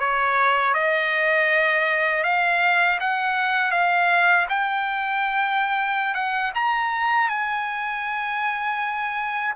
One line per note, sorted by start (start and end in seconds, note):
0.00 0.74 C#5
0.74 2.24 D#5
2.24 2.99 F5
3.00 3.72 F#5
3.72 4.47 F5
4.49 6.15 G5
6.15 6.52 F#5
6.55 7.29 A#5
7.29 9.54 G#5